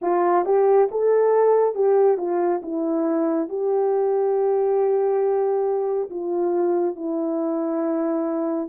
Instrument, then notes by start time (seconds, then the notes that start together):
horn
0.01 F4
0.45 G4
0.91 A4
1.74 G4
2.17 F4
2.62 E4
3.48 G4
6.10 F4
6.95 E4